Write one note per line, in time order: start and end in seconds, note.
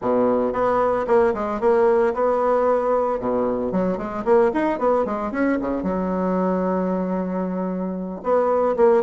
0.01 0.52 B2
0.52 1.05 B3
1.07 1.33 A#3
1.33 1.60 G#3
1.60 2.13 A#3
2.14 3.19 B3
3.19 3.71 B2
3.71 3.97 F#3
3.97 4.24 G#3
4.24 4.51 A#3
4.53 4.79 D#4
4.79 5.05 B3
5.05 5.31 G#3
5.31 5.58 C#4
5.60 5.82 C#3
5.82 8.21 F#3
8.23 8.76 B3
8.76 9.03 A#3